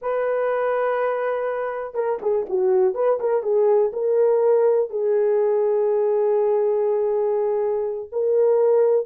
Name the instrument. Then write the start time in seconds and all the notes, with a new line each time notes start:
horn
0.01 B4
1.94 A#4
2.22 G#4
2.49 F#4
2.94 B4
3.20 A#4
3.42 G#4
3.92 A#4
4.90 G#4
8.11 A#4